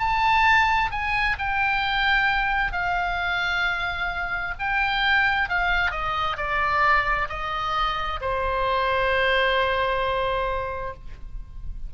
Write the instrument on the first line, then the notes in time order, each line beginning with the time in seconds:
oboe
0.00 A5
0.92 G#5
1.39 G5
2.73 F5
4.60 G5
5.50 F5
5.91 D#5
6.38 D5
7.29 D#5
8.21 C5